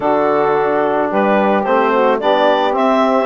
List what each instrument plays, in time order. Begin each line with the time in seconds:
0.00 bassoon D3, trombone D4, saxophone F#4, clarinet A4
1.09 bassoon G3, saxophone G4, clarinet B4
1.63 bassoon A3, trombone C4, clarinet C5
1.91 saxophone F#4
2.19 bassoon B3, trombone D4, saxophone G4, clarinet D5
2.71 trombone C4, bassoon C4, clarinet E5